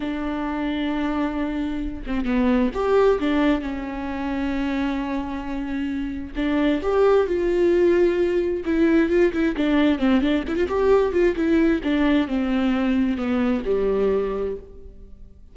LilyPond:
\new Staff \with { instrumentName = "viola" } { \time 4/4 \tempo 4 = 132 d'1~ | d'8 c'8 b4 g'4 d'4 | cis'1~ | cis'2 d'4 g'4 |
f'2. e'4 | f'8 e'8 d'4 c'8 d'8 e'16 f'16 g'8~ | g'8 f'8 e'4 d'4 c'4~ | c'4 b4 g2 | }